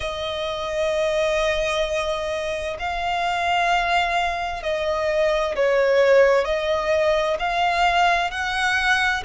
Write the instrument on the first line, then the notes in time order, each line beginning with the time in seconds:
violin
0.00 D#5
2.79 F5
4.62 D#5
5.56 C#5
6.44 D#5
7.39 F5
8.31 F#5